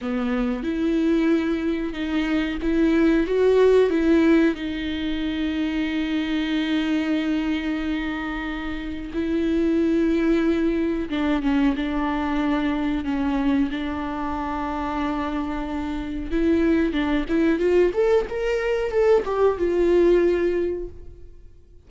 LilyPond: \new Staff \with { instrumentName = "viola" } { \time 4/4 \tempo 4 = 92 b4 e'2 dis'4 | e'4 fis'4 e'4 dis'4~ | dis'1~ | dis'2 e'2~ |
e'4 d'8 cis'8 d'2 | cis'4 d'2.~ | d'4 e'4 d'8 e'8 f'8 a'8 | ais'4 a'8 g'8 f'2 | }